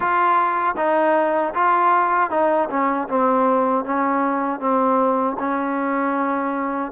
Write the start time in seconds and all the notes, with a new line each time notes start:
0.00 F4
0.77 D#4
1.54 F4
2.30 D#4
2.69 C#4
3.08 C4
3.84 C#4
4.59 C4
5.39 C#4